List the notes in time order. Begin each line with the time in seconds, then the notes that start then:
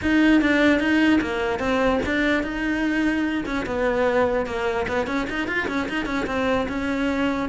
0.02 D#4
0.41 D4
0.79 D#4
1.21 A#3
1.59 C4
2.05 D4
2.43 D#4
3.45 C#4
3.65 B3
4.46 A#3
4.87 B3
5.06 C#4
5.29 D#4
5.47 F4
5.68 C#4
5.88 D#4
6.05 C#4
6.26 C4
6.68 C#4